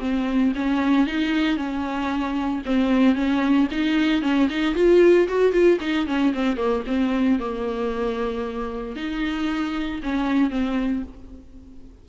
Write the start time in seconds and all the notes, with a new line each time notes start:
0.00 C4
0.56 C#4
1.07 D#4
1.57 C#4
2.66 C4
3.16 C#4
3.72 D#4
4.22 C#4
4.50 D#4
4.75 F4
5.28 F#4
5.53 F4
5.81 D#4
6.07 C#4
6.34 C4
6.57 A#3
6.87 C4
7.40 A#3
8.96 D#4
10.03 C#4
10.50 C4